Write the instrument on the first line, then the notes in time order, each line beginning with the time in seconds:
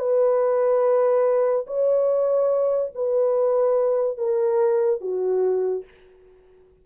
horn
0.00 B4
1.67 C#5
2.95 B4
4.18 A#4
5.02 F#4